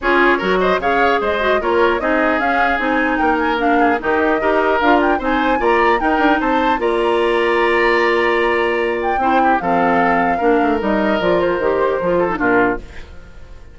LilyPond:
<<
  \new Staff \with { instrumentName = "flute" } { \time 4/4 \tempo 4 = 150 cis''4. dis''8 f''4 dis''4 | cis''4 dis''4 f''4 gis''4 | g''8 gis''8 f''4 dis''2 | f''8 g''8 gis''4 ais''4 g''4 |
a''4 ais''2.~ | ais''2~ ais''8 g''4. | f''2. dis''4 | d''8 c''2~ c''8 ais'4 | }
  \new Staff \with { instrumentName = "oboe" } { \time 4/4 gis'4 ais'8 c''8 cis''4 c''4 | ais'4 gis'2. | ais'4. gis'8 g'4 ais'4~ | ais'4 c''4 d''4 ais'4 |
c''4 d''2.~ | d''2. c''8 g'8 | a'2 ais'2~ | ais'2~ ais'8 a'8 f'4 | }
  \new Staff \with { instrumentName = "clarinet" } { \time 4/4 f'4 fis'4 gis'4. fis'8 | f'4 dis'4 cis'4 dis'4~ | dis'4 d'4 dis'4 g'4 | f'4 dis'4 f'4 dis'4~ |
dis'4 f'2.~ | f'2. e'4 | c'2 d'4 dis'4 | f'4 g'4 f'8. dis'16 d'4 | }
  \new Staff \with { instrumentName = "bassoon" } { \time 4/4 cis'4 fis4 cis4 gis4 | ais4 c'4 cis'4 c'4 | ais2 dis4 dis'4 | d'4 c'4 ais4 dis'8 d'8 |
c'4 ais2.~ | ais2. c'4 | f2 ais8 a8 g4 | f4 dis4 f4 ais,4 | }
>>